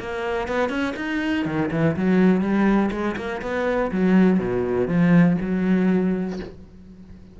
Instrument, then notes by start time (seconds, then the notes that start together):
cello
0.00 A#3
0.48 B3
0.70 C#4
0.97 D#4
1.46 D#3
1.71 E3
1.96 F#3
2.41 G3
2.92 G#3
3.17 A#3
3.42 B3
3.92 F#3
4.39 B2
4.88 F3
5.41 F#3